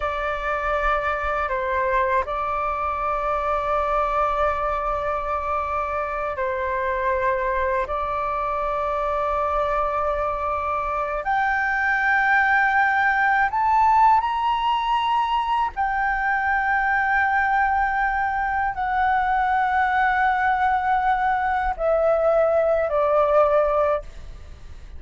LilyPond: \new Staff \with { instrumentName = "flute" } { \time 4/4 \tempo 4 = 80 d''2 c''4 d''4~ | d''1~ | d''8 c''2 d''4.~ | d''2. g''4~ |
g''2 a''4 ais''4~ | ais''4 g''2.~ | g''4 fis''2.~ | fis''4 e''4. d''4. | }